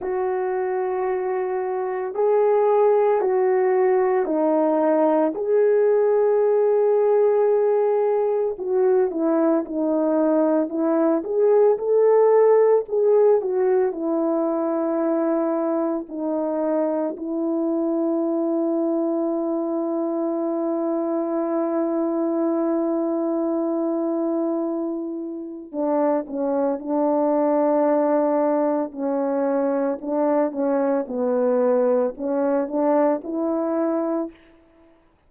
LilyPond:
\new Staff \with { instrumentName = "horn" } { \time 4/4 \tempo 4 = 56 fis'2 gis'4 fis'4 | dis'4 gis'2. | fis'8 e'8 dis'4 e'8 gis'8 a'4 | gis'8 fis'8 e'2 dis'4 |
e'1~ | e'1 | d'8 cis'8 d'2 cis'4 | d'8 cis'8 b4 cis'8 d'8 e'4 | }